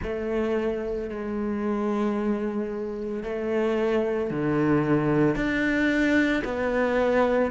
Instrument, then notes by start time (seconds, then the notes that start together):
cello
0.02 A3
1.09 G#3
3.23 A3
4.30 D3
5.35 D4
6.44 B3